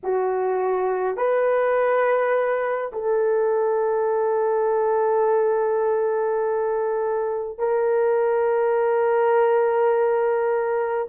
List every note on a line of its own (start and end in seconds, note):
0.03 1.17 F#4
1.17 2.91 B4
2.92 7.58 A4
7.58 11.08 A#4